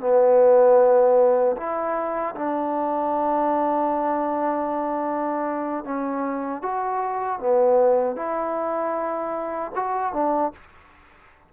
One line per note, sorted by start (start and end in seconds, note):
0.00 1.56 B3
1.57 2.35 E4
2.36 5.84 D4
5.84 6.62 C#4
6.62 7.40 F#4
7.40 8.16 B3
8.16 9.72 E4
9.75 10.13 F#4
10.13 10.52 D4